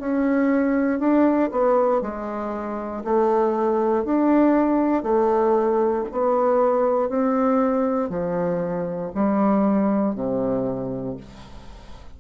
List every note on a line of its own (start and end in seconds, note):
0.00 1.00 C#4
1.00 1.51 D4
1.52 2.02 B3
2.02 3.04 G#3
3.05 4.05 A3
4.05 5.03 D4
5.03 6.05 A3
6.12 7.10 B3
7.10 8.10 C4
8.10 9.12 F3
9.15 10.16 G3
10.16 11.17 C3